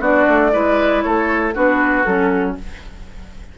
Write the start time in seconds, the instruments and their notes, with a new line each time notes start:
0.00 bassoon B3, clarinet D4, oboe F#4, flute D5
0.28 bassoon A3
0.52 bassoon G#3, clarinet E4, oboe B4
1.03 bassoon A3, oboe A4, flute C#5
1.54 bassoon B3, clarinet D4, oboe F#4, flute B4
2.04 bassoon F#3, clarinet C#4, flute A4